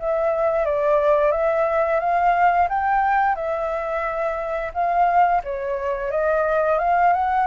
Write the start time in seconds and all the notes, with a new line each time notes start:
0.00 E5
0.66 D5
1.32 E5
2.01 F5
2.70 G5
3.36 E5
4.74 F5
5.45 C#5
6.12 D#5
6.79 F5
7.13 F#5